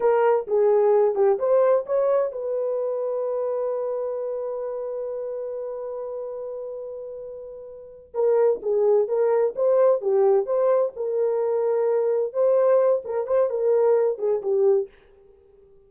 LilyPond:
\new Staff \with { instrumentName = "horn" } { \time 4/4 \tempo 4 = 129 ais'4 gis'4. g'8 c''4 | cis''4 b'2.~ | b'1~ | b'1~ |
b'4. ais'4 gis'4 ais'8~ | ais'8 c''4 g'4 c''4 ais'8~ | ais'2~ ais'8 c''4. | ais'8 c''8 ais'4. gis'8 g'4 | }